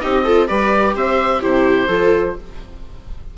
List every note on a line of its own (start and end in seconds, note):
0.00 0.50 C4
0.00 0.24 D#4
0.00 0.24 G4
0.00 0.47 D#5
0.24 0.48 F4
0.24 0.47 A4
0.47 0.95 G3
0.47 1.41 G4
0.47 0.95 B4
0.47 0.94 D5
0.95 1.42 C4
0.95 1.40 C5
0.95 1.42 E5
1.40 1.88 C3
1.40 1.88 E4
1.40 1.87 G4
1.40 2.37 C5
1.88 2.35 F3
1.88 2.37 F4
1.88 2.35 A4